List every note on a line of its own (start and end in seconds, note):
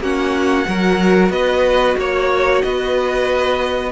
0.00 0.65 A#3
0.00 0.65 C#4
0.00 0.67 F#4
0.00 1.31 F#5
0.65 1.30 F#3
0.65 3.91 F#4
0.65 1.32 A#4
1.30 1.95 B3
1.30 1.97 B4
1.30 1.96 D#5
1.97 2.62 A#3
1.97 2.64 C#5
1.97 2.62 C#5
2.62 3.92 B3
2.62 3.92 B4
2.62 3.92 D#5